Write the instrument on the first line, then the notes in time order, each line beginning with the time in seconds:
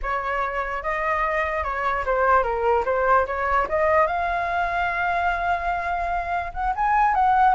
flute
0.02 C#5
0.82 D#5
1.63 C#5
2.05 C5
2.43 A#4
2.85 C5
3.26 C#5
3.68 D#5
4.06 F5
6.53 F#5
6.75 G#5
7.14 F#5